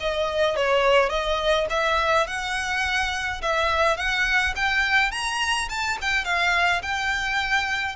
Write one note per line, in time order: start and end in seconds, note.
0.00 0.56 D#5
0.56 1.09 C#5
1.09 1.66 D#5
1.70 2.27 E5
2.27 3.41 F#5
3.41 3.97 E5
3.97 4.54 F#5
4.56 5.11 G5
5.11 5.68 A#5
5.69 5.97 A5
6.01 6.24 G5
6.24 6.82 F5
6.82 7.96 G5